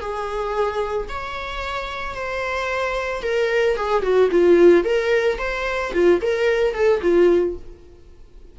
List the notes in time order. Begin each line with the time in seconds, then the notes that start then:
0.00 G#4
1.09 C#5
2.15 C5
3.22 A#4
3.76 G#4
4.02 F#4
4.31 F4
4.84 A#4
5.38 C5
5.93 F4
6.21 A#4
6.74 A4
7.01 F4